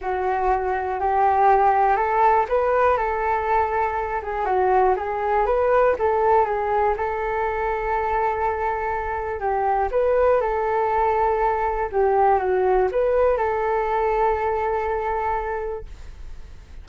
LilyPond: \new Staff \with { instrumentName = "flute" } { \time 4/4 \tempo 4 = 121 fis'2 g'2 | a'4 b'4 a'2~ | a'8 gis'8 fis'4 gis'4 b'4 | a'4 gis'4 a'2~ |
a'2. g'4 | b'4 a'2. | g'4 fis'4 b'4 a'4~ | a'1 | }